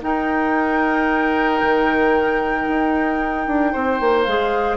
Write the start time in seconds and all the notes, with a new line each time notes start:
0.00 D#4 A#4 G5
1.62 D#3
2.68 D#4
3.47 D4
3.72 C4 C5
4.00 A#3
4.24 G#3 G#4 F5